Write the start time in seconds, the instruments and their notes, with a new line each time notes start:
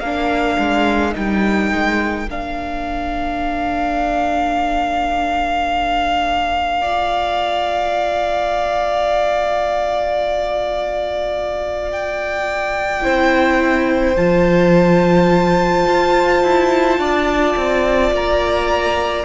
0.00 cello A#3, viola D4, violin A#4 F5
0.58 cello G#3
1.12 cello G3, viola D#4, violin G5
1.71 cello G#3
2.25 cello A#3, viola D4, violin F5
6.81 viola F4, violin D5
11.91 violin G5
13.02 cello C4, viola E4, violin C5
14.16 cello F3, viola F4, violin A5
15.87 cello F4
16.42 cello E4
16.98 cello D4, violin D5
17.56 cello C4
18.12 cello A#3, violin A#5